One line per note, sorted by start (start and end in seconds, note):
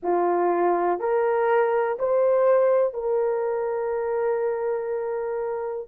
0.02 0.99 F4
0.99 1.98 A#4
1.99 2.93 C5
2.93 5.88 A#4